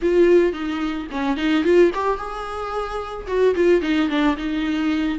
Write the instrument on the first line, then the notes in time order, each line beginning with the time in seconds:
viola
0.01 F4
0.52 D#4
1.11 C#4
1.36 D#4
1.64 F4
1.94 G4
2.17 G#4
3.27 F#4
3.55 F4
3.81 D#4
4.09 D4
4.37 D#4